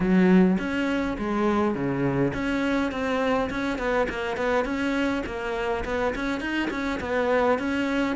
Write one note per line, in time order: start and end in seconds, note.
0.00 0.57 F#3
0.59 1.17 C#4
1.18 1.74 G#3
1.74 2.32 C#3
2.33 2.91 C#4
2.91 3.50 C4
3.50 3.78 C#4
3.78 4.07 B3
4.09 4.36 A#3
4.36 4.64 B3
4.64 5.23 C#4
5.26 5.84 A#3
5.84 6.14 B3
6.15 6.40 C#4
6.40 6.69 D#4
6.70 6.99 C#4
7.00 7.58 B3
7.58 8.16 C#4